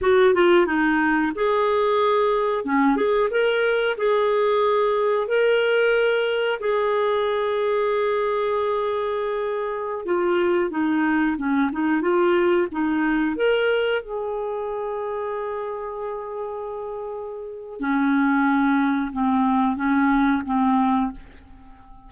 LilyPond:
\new Staff \with { instrumentName = "clarinet" } { \time 4/4 \tempo 4 = 91 fis'8 f'8 dis'4 gis'2 | cis'8 gis'8 ais'4 gis'2 | ais'2 gis'2~ | gis'2.~ gis'16 f'8.~ |
f'16 dis'4 cis'8 dis'8 f'4 dis'8.~ | dis'16 ais'4 gis'2~ gis'8.~ | gis'2. cis'4~ | cis'4 c'4 cis'4 c'4 | }